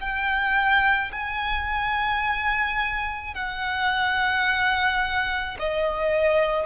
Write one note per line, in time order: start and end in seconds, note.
0.00 1.11 G5
1.12 3.34 G#5
3.34 5.57 F#5
5.59 6.66 D#5